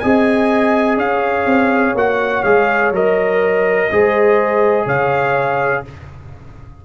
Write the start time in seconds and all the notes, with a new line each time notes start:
0.00 C4 G#4 D#5 G#5
0.98 C#4 C#5 F5
1.46 C4
1.95 A#3 F#4 F#5
2.44 G#3 G#4 F5
2.92 F#3 A#4 D#5
3.92 G#3 G#4 C5
4.86 C#3 C#5 F5